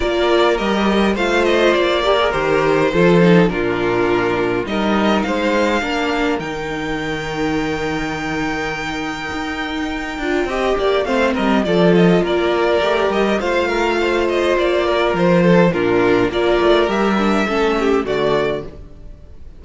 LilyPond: <<
  \new Staff \with { instrumentName = "violin" } { \time 4/4 \tempo 4 = 103 d''4 dis''4 f''8 dis''8 d''4 | c''2 ais'2 | dis''4 f''2 g''4~ | g''1~ |
g''2. f''8 dis''8 | d''8 dis''8 d''4. dis''8 f''4~ | f''8 dis''8 d''4 c''4 ais'4 | d''4 e''2 d''4 | }
  \new Staff \with { instrumentName = "violin" } { \time 4/4 ais'2 c''4. ais'8~ | ais'4 a'4 f'2 | ais'4 c''4 ais'2~ | ais'1~ |
ais'2 dis''8 d''8 c''8 ais'8 | a'4 ais'2 c''8 ais'8 | c''4. ais'4 a'8 f'4 | ais'2 a'8 g'8 fis'4 | }
  \new Staff \with { instrumentName = "viola" } { \time 4/4 f'4 g'4 f'4. g'16 gis'16 | g'4 f'8 dis'8 d'2 | dis'2 d'4 dis'4~ | dis'1~ |
dis'4. f'8 g'4 c'4 | f'2 g'4 f'4~ | f'2. d'4 | f'4 g'8 d'8 cis'4 a4 | }
  \new Staff \with { instrumentName = "cello" } { \time 4/4 ais4 g4 a4 ais4 | dis4 f4 ais,2 | g4 gis4 ais4 dis4~ | dis1 |
dis'4. d'8 c'8 ais8 a8 g8 | f4 ais4 a8 g8 a4~ | a4 ais4 f4 ais,4 | ais8 a8 g4 a4 d4 | }
>>